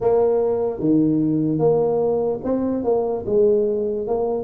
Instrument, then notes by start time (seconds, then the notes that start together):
tuba
0.00 A#3
0.79 D#3
1.58 A#3
2.44 C4
2.84 A#3
3.26 G#3
4.07 A#3